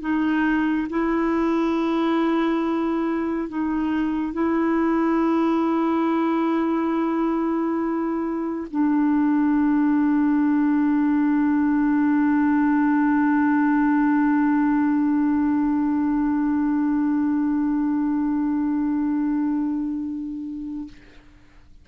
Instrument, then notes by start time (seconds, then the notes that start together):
clarinet
0.00 D#4
0.89 E4
3.48 D#4
4.33 E4
8.70 D4